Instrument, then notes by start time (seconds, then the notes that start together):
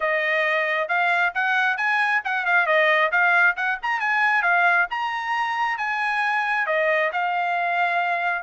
trumpet
0.00 D#5
0.88 F5
1.34 F#5
1.77 G#5
2.24 F#5
2.45 F5
2.66 D#5
3.11 F5
3.56 F#5
3.82 A#5
3.99 G#5
4.42 F5
4.90 A#5
5.77 G#5
6.66 D#5
7.12 F5